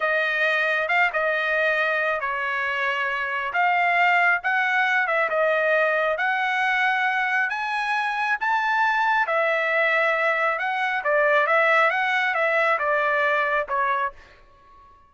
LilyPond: \new Staff \with { instrumentName = "trumpet" } { \time 4/4 \tempo 4 = 136 dis''2 f''8 dis''4.~ | dis''4 cis''2. | f''2 fis''4. e''8 | dis''2 fis''2~ |
fis''4 gis''2 a''4~ | a''4 e''2. | fis''4 d''4 e''4 fis''4 | e''4 d''2 cis''4 | }